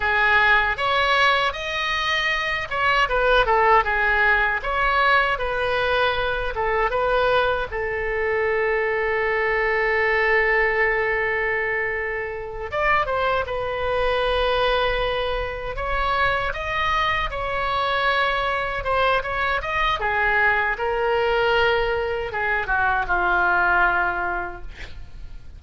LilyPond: \new Staff \with { instrumentName = "oboe" } { \time 4/4 \tempo 4 = 78 gis'4 cis''4 dis''4. cis''8 | b'8 a'8 gis'4 cis''4 b'4~ | b'8 a'8 b'4 a'2~ | a'1~ |
a'8 d''8 c''8 b'2~ b'8~ | b'8 cis''4 dis''4 cis''4.~ | cis''8 c''8 cis''8 dis''8 gis'4 ais'4~ | ais'4 gis'8 fis'8 f'2 | }